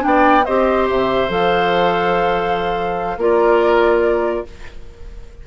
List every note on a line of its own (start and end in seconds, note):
0.00 0.47 B3
0.00 0.42 D4
0.00 0.45 G5
0.07 0.45 D5
0.45 0.90 C4
0.45 1.29 G4
0.45 3.18 C5
0.45 0.87 D#5
0.90 1.29 C3
0.90 1.32 E5
1.29 3.18 F3
1.29 3.18 A4
1.29 3.21 F5
3.18 4.43 A#3
3.18 4.46 F4
3.18 4.46 A#4
3.18 4.47 D5